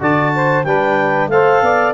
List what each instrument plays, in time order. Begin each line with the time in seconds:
0.00 tuba D3, trombone F#4, saxophone D5, clarinet A5
0.35 saxophone C5
0.64 tuba G3, trombone D4, saxophone B4, clarinet G5
1.28 tuba A3, trombone A4, saxophone C5, clarinet F5
1.62 tuba B3, saxophone D5